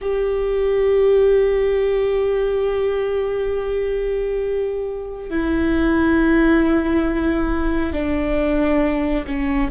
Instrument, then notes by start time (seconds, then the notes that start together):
viola
0.01 G4
5.29 E4
7.92 D4
9.26 C#4